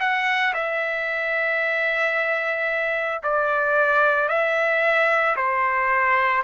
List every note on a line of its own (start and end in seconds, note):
0.00 0.54 F#5
0.54 3.22 E5
3.23 4.29 D5
4.29 5.36 E5
5.36 6.43 C5